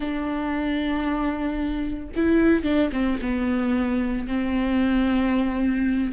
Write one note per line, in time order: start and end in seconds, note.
0.00 2.09 D4
2.16 2.63 E4
2.63 2.90 D4
2.92 3.18 C4
3.21 4.27 B3
4.27 6.12 C4